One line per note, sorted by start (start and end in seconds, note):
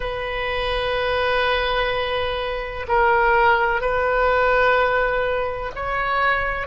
0.00 2.86 B4
2.88 3.81 A#4
3.81 5.71 B4
5.75 6.67 C#5